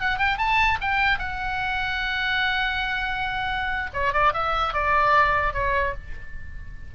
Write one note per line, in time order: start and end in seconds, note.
0.00 0.18 F#5
0.18 0.38 G5
0.38 0.78 A5
0.81 1.18 G5
1.18 3.90 F#5
3.93 4.13 C#5
4.13 4.33 D5
4.33 4.74 E5
4.74 5.54 D5
5.54 5.94 C#5